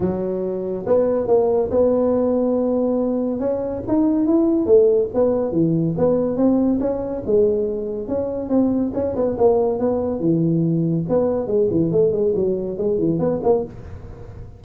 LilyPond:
\new Staff \with { instrumentName = "tuba" } { \time 4/4 \tempo 4 = 141 fis2 b4 ais4 | b1 | cis'4 dis'4 e'4 a4 | b4 e4 b4 c'4 |
cis'4 gis2 cis'4 | c'4 cis'8 b8 ais4 b4 | e2 b4 gis8 e8 | a8 gis8 fis4 gis8 e8 b8 ais8 | }